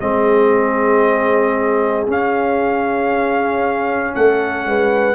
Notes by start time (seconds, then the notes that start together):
0.00 G#3 C4 G#4 D#5
2.07 C#4 F5
4.15 A3 A4 F#5
4.66 G#3 B4